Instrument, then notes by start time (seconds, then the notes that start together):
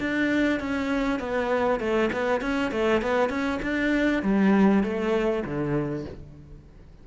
cello
0.00 D4
0.60 C#4
1.20 B3
1.80 A3
2.13 B3
2.42 C#4
2.72 A3
3.02 B3
3.30 C#4
3.63 D4
4.23 G3
4.84 A3
5.45 D3